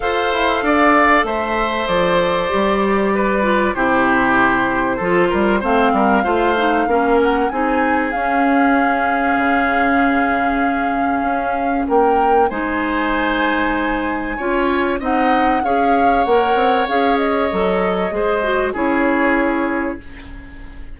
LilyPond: <<
  \new Staff \with { instrumentName = "flute" } { \time 4/4 \tempo 4 = 96 f''2 e''4 d''4~ | d''2 c''2~ | c''4 f''2~ f''8 fis''8 | gis''4 f''2.~ |
f''2. g''4 | gis''1 | fis''4 f''4 fis''4 f''8 dis''8~ | dis''2 cis''2 | }
  \new Staff \with { instrumentName = "oboe" } { \time 4/4 c''4 d''4 c''2~ | c''4 b'4 g'2 | a'8 ais'8 c''8 ais'8 c''4 ais'4 | gis'1~ |
gis'2. ais'4 | c''2. cis''4 | dis''4 cis''2.~ | cis''4 c''4 gis'2 | }
  \new Staff \with { instrumentName = "clarinet" } { \time 4/4 a'1 | g'4. f'8 e'2 | f'4 c'4 f'8 dis'8 cis'4 | dis'4 cis'2.~ |
cis'1 | dis'2. f'4 | dis'4 gis'4 ais'4 gis'4 | a'4 gis'8 fis'8 e'2 | }
  \new Staff \with { instrumentName = "bassoon" } { \time 4/4 f'8 e'8 d'4 a4 f4 | g2 c2 | f8 g8 a8 g8 a4 ais4 | c'4 cis'2 cis4~ |
cis2 cis'4 ais4 | gis2. cis'4 | c'4 cis'4 ais8 c'8 cis'4 | fis4 gis4 cis'2 | }
>>